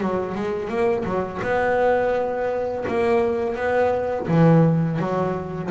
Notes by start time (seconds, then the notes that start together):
0.00 F#3
0.35 G#3
0.68 A#3
1.05 F#3
1.42 B3
2.88 A#3
3.55 B3
4.28 E3
4.98 F#3